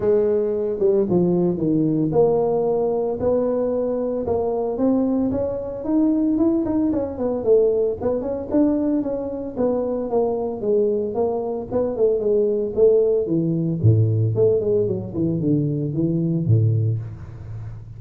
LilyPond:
\new Staff \with { instrumentName = "tuba" } { \time 4/4 \tempo 4 = 113 gis4. g8 f4 dis4 | ais2 b2 | ais4 c'4 cis'4 dis'4 | e'8 dis'8 cis'8 b8 a4 b8 cis'8 |
d'4 cis'4 b4 ais4 | gis4 ais4 b8 a8 gis4 | a4 e4 a,4 a8 gis8 | fis8 e8 d4 e4 a,4 | }